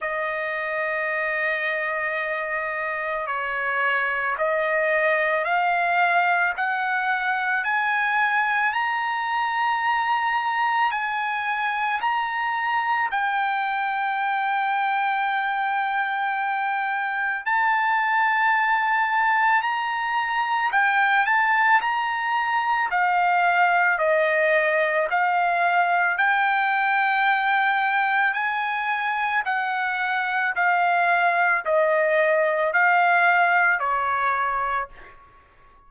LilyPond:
\new Staff \with { instrumentName = "trumpet" } { \time 4/4 \tempo 4 = 55 dis''2. cis''4 | dis''4 f''4 fis''4 gis''4 | ais''2 gis''4 ais''4 | g''1 |
a''2 ais''4 g''8 a''8 | ais''4 f''4 dis''4 f''4 | g''2 gis''4 fis''4 | f''4 dis''4 f''4 cis''4 | }